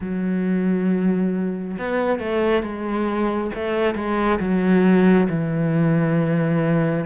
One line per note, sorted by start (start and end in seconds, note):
0.00 1.77 F#3
1.78 2.19 B3
2.19 2.62 A3
2.62 3.51 G#3
3.55 3.95 A3
3.95 4.39 G#3
4.39 5.27 F#3
5.29 7.05 E3